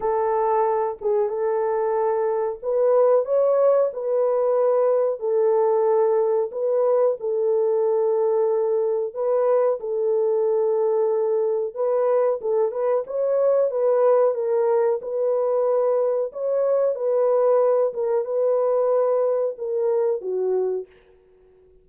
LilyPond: \new Staff \with { instrumentName = "horn" } { \time 4/4 \tempo 4 = 92 a'4. gis'8 a'2 | b'4 cis''4 b'2 | a'2 b'4 a'4~ | a'2 b'4 a'4~ |
a'2 b'4 a'8 b'8 | cis''4 b'4 ais'4 b'4~ | b'4 cis''4 b'4. ais'8 | b'2 ais'4 fis'4 | }